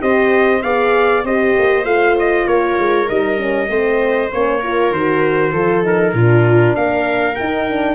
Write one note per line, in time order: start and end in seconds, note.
0.00 0.63 C4
0.00 0.61 G4
0.00 0.64 C5
0.00 0.62 D#5
0.62 1.24 B3
0.62 1.25 G#4
0.62 1.25 D5
0.62 1.24 F5
1.24 1.55 C4
1.24 1.85 G4
1.24 2.48 C5
1.24 1.85 D#5
1.58 1.85 A#3
1.85 2.46 A3
1.85 3.07 F4
1.85 2.16 F5
2.19 2.47 D#5
2.46 2.77 A#3
2.46 3.70 A#4
2.46 3.09 C#5
2.78 3.09 G#3
3.07 3.69 G3
3.07 3.37 D#4
3.07 4.32 D#5
3.37 3.67 C#4
3.69 4.30 A3
3.69 4.30 C4
3.69 4.60 C5
4.30 4.92 A#3
4.30 4.61 C#4
4.30 4.93 C#5
4.60 4.94 F4
4.60 5.52 A#4
4.92 5.53 D#3
4.92 5.54 F#4
4.92 5.85 C5
5.52 6.13 F3
5.52 5.84 F4
5.52 6.13 A4
5.84 6.14 D#4
5.84 6.76 A#4
6.13 6.75 A#2
6.13 7.37 D4
6.13 6.76 F4
6.76 7.38 A#3
6.76 7.95 A#4
6.76 7.35 F5
7.35 7.69 D#4
7.35 7.95 D#4
7.35 7.95 G5
7.69 7.95 D4